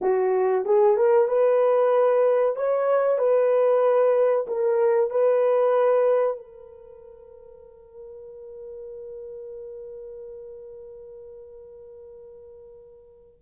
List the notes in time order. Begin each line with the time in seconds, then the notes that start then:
0.01 F#4
0.65 G#4
0.96 A#4
1.28 B4
2.56 C#5
3.18 B4
4.47 A#4
5.10 B4
6.37 A#4